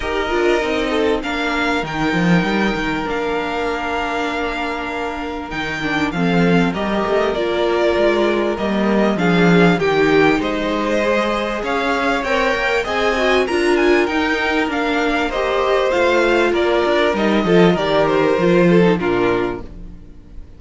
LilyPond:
<<
  \new Staff \with { instrumentName = "violin" } { \time 4/4 \tempo 4 = 98 dis''2 f''4 g''4~ | g''4 f''2.~ | f''4 g''4 f''4 dis''4 | d''2 dis''4 f''4 |
g''4 dis''2 f''4 | g''4 gis''4 ais''8 gis''8 g''4 | f''4 dis''4 f''4 d''4 | dis''4 d''8 c''4. ais'4 | }
  \new Staff \with { instrumentName = "violin" } { \time 4/4 ais'4. a'8 ais'2~ | ais'1~ | ais'2 a'4 ais'4~ | ais'2. gis'4 |
g'4 c''2 cis''4~ | cis''4 dis''4 ais'2~ | ais'4 c''2 ais'4~ | ais'8 a'8 ais'4. a'8 f'4 | }
  \new Staff \with { instrumentName = "viola" } { \time 4/4 g'8 f'8 dis'4 d'4 dis'4~ | dis'4 d'2.~ | d'4 dis'8 d'8 c'4 g'4 | f'2 ais4 d'4 |
dis'2 gis'2 | ais'4 gis'8 fis'8 f'4 dis'4 | d'4 g'4 f'2 | dis'8 f'8 g'4 f'8. dis'16 d'4 | }
  \new Staff \with { instrumentName = "cello" } { \time 4/4 dis'8 d'8 c'4 ais4 dis8 f8 | g8 dis8 ais2.~ | ais4 dis4 f4 g8 a8 | ais4 gis4 g4 f4 |
dis4 gis2 cis'4 | c'8 ais8 c'4 d'4 dis'4 | ais2 a4 ais8 d'8 | g8 f8 dis4 f4 ais,4 | }
>>